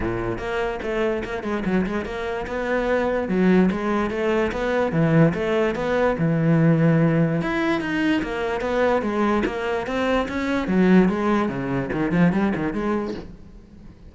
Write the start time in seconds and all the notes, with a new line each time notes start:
0.00 A#2
0.38 A#3
0.82 A3
1.24 A#3
1.43 G#3
1.65 F#3
1.86 G#3
2.05 A#3
2.46 B3
3.28 F#3
3.71 G#3
4.10 A3
4.52 B3
4.91 E3
5.34 A3
5.75 B3
6.18 E3
7.41 E4
7.81 D#4
8.22 A#3
8.60 B3
9.02 G#3
9.45 A#3
9.86 C4
10.28 C#4
10.67 F#3
11.08 G#3
11.49 C#3
11.92 D#3
12.11 F3
12.32 G3
12.55 D#3
12.73 G#3